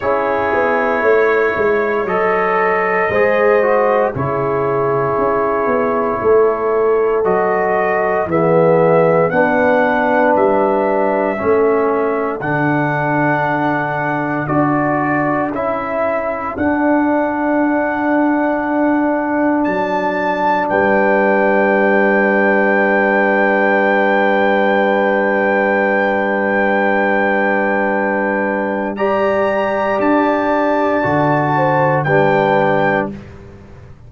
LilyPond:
<<
  \new Staff \with { instrumentName = "trumpet" } { \time 4/4 \tempo 4 = 58 cis''2 dis''2 | cis''2. dis''4 | e''4 fis''4 e''2 | fis''2 d''4 e''4 |
fis''2. a''4 | g''1~ | g''1 | ais''4 a''2 g''4 | }
  \new Staff \with { instrumentName = "horn" } { \time 4/4 gis'4 cis''2 c''4 | gis'2 a'2 | gis'4 b'2 a'4~ | a'1~ |
a'1 | b'1~ | b'1 | d''2~ d''8 c''8 b'4 | }
  \new Staff \with { instrumentName = "trombone" } { \time 4/4 e'2 a'4 gis'8 fis'8 | e'2. fis'4 | b4 d'2 cis'4 | d'2 fis'4 e'4 |
d'1~ | d'1~ | d'1 | g'2 fis'4 d'4 | }
  \new Staff \with { instrumentName = "tuba" } { \time 4/4 cis'8 b8 a8 gis8 fis4 gis4 | cis4 cis'8 b8 a4 fis4 | e4 b4 g4 a4 | d2 d'4 cis'4 |
d'2. fis4 | g1~ | g1~ | g4 d'4 d4 g4 | }
>>